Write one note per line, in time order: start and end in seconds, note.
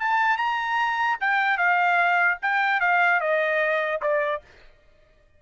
0.00 0.38 A5
0.38 1.18 A#5
1.21 1.58 G5
1.58 2.38 F5
2.43 2.81 G5
2.81 3.21 F5
3.21 4.01 D#5
4.02 4.42 D5